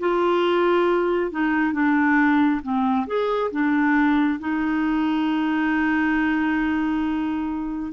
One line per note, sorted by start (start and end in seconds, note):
0.00 1.32 F4
1.32 1.73 D#4
1.73 2.61 D4
2.62 3.06 C4
3.07 3.51 G#4
3.51 4.40 D4
4.40 7.93 D#4